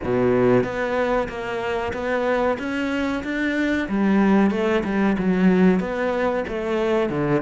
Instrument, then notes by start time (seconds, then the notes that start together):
cello
0.04 B2
0.63 B3
1.28 A#3
1.93 B3
2.58 C#4
3.23 D4
3.88 G3
4.50 A3
4.84 G3
5.18 F#3
5.79 B3
6.48 A3
7.09 D3